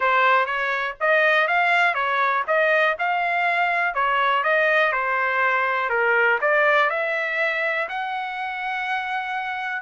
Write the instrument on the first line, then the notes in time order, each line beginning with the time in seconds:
trumpet
0.00 C5
0.46 C#5
1.00 D#5
1.47 F5
1.94 C#5
2.47 D#5
2.98 F5
3.94 C#5
4.43 D#5
4.92 C5
5.89 A#4
6.41 D5
6.90 E5
7.88 F#5